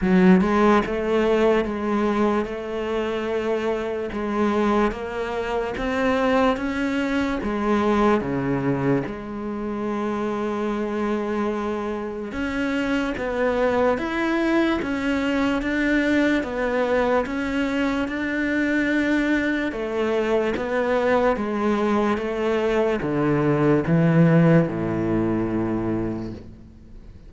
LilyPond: \new Staff \with { instrumentName = "cello" } { \time 4/4 \tempo 4 = 73 fis8 gis8 a4 gis4 a4~ | a4 gis4 ais4 c'4 | cis'4 gis4 cis4 gis4~ | gis2. cis'4 |
b4 e'4 cis'4 d'4 | b4 cis'4 d'2 | a4 b4 gis4 a4 | d4 e4 a,2 | }